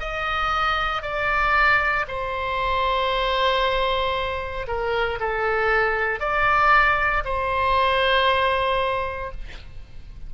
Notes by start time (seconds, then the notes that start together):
0.00 D#5
1.02 D5
2.08 C5
4.67 A#4
5.20 A4
6.20 D5
7.25 C5